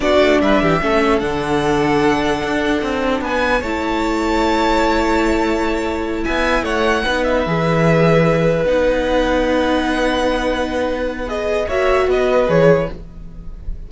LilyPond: <<
  \new Staff \with { instrumentName = "violin" } { \time 4/4 \tempo 4 = 149 d''4 e''2 fis''4~ | fis''1 | gis''4 a''2.~ | a''2.~ a''8 gis''8~ |
gis''8 fis''4. e''2~ | e''4. fis''2~ fis''8~ | fis''1 | dis''4 e''4 dis''4 cis''4 | }
  \new Staff \with { instrumentName = "violin" } { \time 4/4 fis'4 b'8 g'8 a'2~ | a'1 | b'4 cis''2.~ | cis''2.~ cis''8 e''8~ |
e''8 cis''4 b'2~ b'8~ | b'1~ | b'1~ | b'4 cis''4 b'2 | }
  \new Staff \with { instrumentName = "viola" } { \time 4/4 d'2 cis'4 d'4~ | d'1~ | d'4 e'2.~ | e'1~ |
e'4. dis'4 gis'4.~ | gis'4. dis'2~ dis'8~ | dis'1 | gis'4 fis'2 gis'4 | }
  \new Staff \with { instrumentName = "cello" } { \time 4/4 b8 a8 g8 e8 a4 d4~ | d2 d'4 c'4 | b4 a2.~ | a2.~ a8 b8~ |
b8 a4 b4 e4.~ | e4. b2~ b8~ | b1~ | b4 ais4 b4 e4 | }
>>